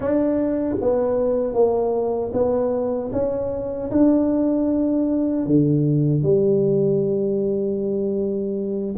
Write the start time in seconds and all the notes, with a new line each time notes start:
0.00 D4
0.80 B3
1.53 A#3
2.33 B3
3.12 C#4
3.90 D4
5.45 D3
6.22 G3